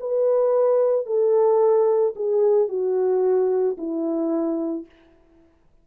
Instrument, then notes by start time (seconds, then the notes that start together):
horn
0.00 B4
1.06 A4
2.16 G#4
2.69 F#4
3.78 E4